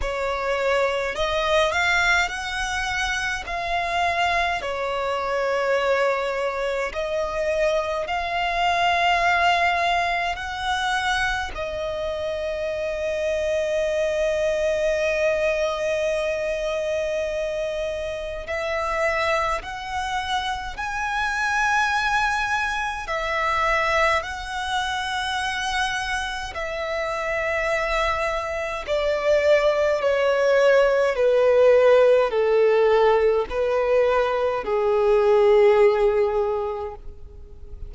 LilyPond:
\new Staff \with { instrumentName = "violin" } { \time 4/4 \tempo 4 = 52 cis''4 dis''8 f''8 fis''4 f''4 | cis''2 dis''4 f''4~ | f''4 fis''4 dis''2~ | dis''1 |
e''4 fis''4 gis''2 | e''4 fis''2 e''4~ | e''4 d''4 cis''4 b'4 | a'4 b'4 gis'2 | }